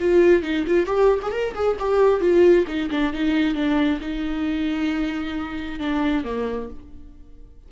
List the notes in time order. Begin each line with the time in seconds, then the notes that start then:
0.00 F4
0.43 D#4
0.67 F4
0.86 G4
1.23 G#4
1.32 A#4
1.55 G#4
1.80 G4
2.21 F4
2.67 D#4
2.91 D4
3.13 D#4
3.55 D4
4.01 D#4
5.80 D4
6.24 A#3